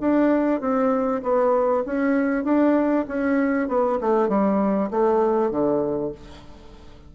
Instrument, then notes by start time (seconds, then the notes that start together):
bassoon
0.00 D4
0.60 C4
1.22 B3
1.85 C#4
2.44 D4
3.08 C#4
3.68 B3
4.00 A3
4.28 G3
4.90 A3
5.50 D3